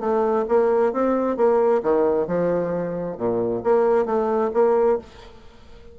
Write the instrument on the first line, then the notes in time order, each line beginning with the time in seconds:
bassoon
0.00 A3
0.48 A#3
0.92 C4
1.37 A#3
1.83 D#3
2.27 F3
3.17 A#2
3.63 A#3
4.05 A3
4.53 A#3